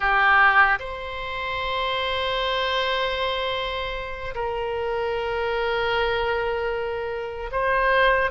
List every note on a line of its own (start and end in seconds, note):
0.00 0.79 G4
0.79 4.34 C5
4.34 7.50 A#4
7.51 8.30 C5